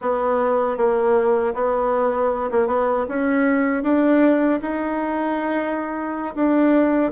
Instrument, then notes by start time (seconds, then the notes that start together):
bassoon
0.01 B3
0.77 A#3
1.54 B3
2.51 A#3
2.67 B3
3.08 C#4
3.83 D4
4.62 D#4
6.35 D4